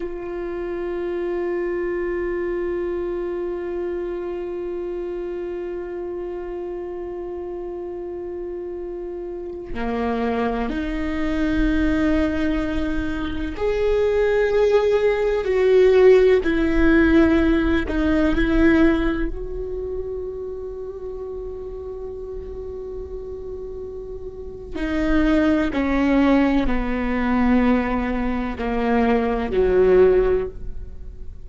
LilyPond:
\new Staff \with { instrumentName = "viola" } { \time 4/4 \tempo 4 = 63 f'1~ | f'1~ | f'2~ f'16 ais4 dis'8.~ | dis'2~ dis'16 gis'4.~ gis'16~ |
gis'16 fis'4 e'4. dis'8 e'8.~ | e'16 fis'2.~ fis'8.~ | fis'2 dis'4 cis'4 | b2 ais4 fis4 | }